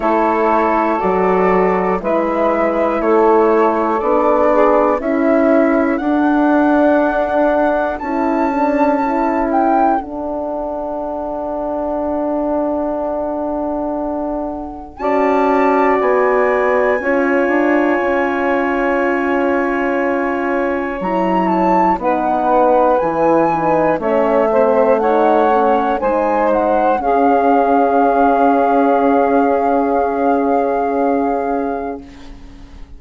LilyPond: <<
  \new Staff \with { instrumentName = "flute" } { \time 4/4 \tempo 4 = 60 cis''4 d''4 e''4 cis''4 | d''4 e''4 fis''2 | a''4. g''8 fis''2~ | fis''2. a''4 |
gis''1~ | gis''4 ais''8 a''8 fis''4 gis''4 | e''4 fis''4 gis''8 fis''8 f''4~ | f''1 | }
  \new Staff \with { instrumentName = "saxophone" } { \time 4/4 a'2 b'4 a'4~ | a'8 gis'8 a'2.~ | a'1~ | a'2. d''4~ |
d''4 cis''2.~ | cis''2 b'2 | cis''8 c''8 cis''4 c''4 gis'4~ | gis'1 | }
  \new Staff \with { instrumentName = "horn" } { \time 4/4 e'4 fis'4 e'2 | d'4 e'4 d'2 | e'8 d'8 e'4 d'2~ | d'2. fis'4~ |
fis'4 f'2.~ | f'4 e'4 dis'4 e'8 dis'8 | cis'8 c'8 dis'8 cis'8 dis'4 cis'4~ | cis'1 | }
  \new Staff \with { instrumentName = "bassoon" } { \time 4/4 a4 fis4 gis4 a4 | b4 cis'4 d'2 | cis'2 d'2~ | d'2. cis'4 |
b4 cis'8 d'8 cis'2~ | cis'4 fis4 b4 e4 | a2 gis4 cis'4~ | cis'1 | }
>>